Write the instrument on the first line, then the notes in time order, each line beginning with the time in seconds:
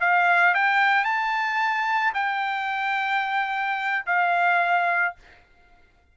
trumpet
0.00 F5
0.54 G5
1.04 A5
2.14 G5
4.05 F5